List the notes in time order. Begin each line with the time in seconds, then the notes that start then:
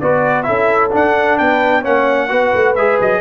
0.00 B3 F#4 B4 D5
0.43 C#4 E4 A4 E5
0.91 D4 F#5
1.38 B3 B4 G5
1.82 A#3 C#4 C#5 F#5
2.29 B3 F#4 B4
2.54 A3
2.75 G#3 G#4 E5
3.01 F#3 D#5